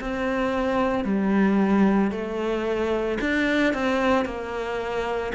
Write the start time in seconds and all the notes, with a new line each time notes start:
0.00 C4
1.04 G3
2.11 A3
3.20 D4
3.73 C4
4.25 A#3